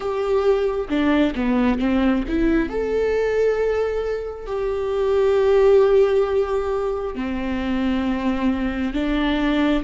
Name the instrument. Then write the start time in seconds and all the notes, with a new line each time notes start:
viola
0.00 G4
0.89 D4
1.35 B3
1.79 C4
2.28 E4
2.69 A4
4.46 G4
7.15 C4
8.93 D4